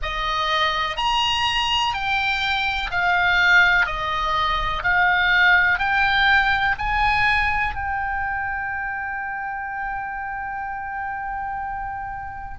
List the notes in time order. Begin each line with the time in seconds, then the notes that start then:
0.02 D#5
0.96 A#5
1.93 G5
2.90 F5
3.86 D#5
4.83 F5
5.78 G5
6.78 G#5
7.74 G5